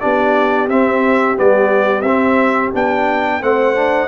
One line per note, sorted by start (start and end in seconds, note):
0.00 0.68 B3
0.00 0.69 D4
0.00 3.41 G4
0.00 0.68 D5
0.68 1.36 C4
0.68 1.38 E5
1.36 2.02 G3
1.36 2.04 B3
1.36 2.01 D5
2.01 2.70 C4
2.01 2.74 C4
2.01 2.70 E5
2.74 3.42 B3
2.74 3.41 D4
2.74 3.42 G5
3.41 4.08 A3
3.41 3.75 C4
3.41 4.08 C5
3.41 4.08 F#5
3.75 4.08 D4